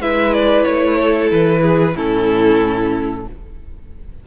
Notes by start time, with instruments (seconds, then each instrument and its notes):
0.00 cello G#3, viola E4, violin B4 E5
0.34 violin D5
0.64 cello A3, violin C#5
0.99 violin A4
1.32 cello E3, violin B4
1.62 violin G#4
1.96 cello A2, viola C#4, violin E4 A4